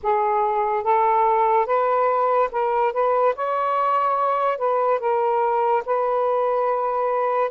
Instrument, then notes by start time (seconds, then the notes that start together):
saxophone
0.02 G#4
0.83 A4
1.66 B4
2.52 A#4
2.92 B4
3.35 C#5
4.58 B4
4.99 A#4
5.85 B4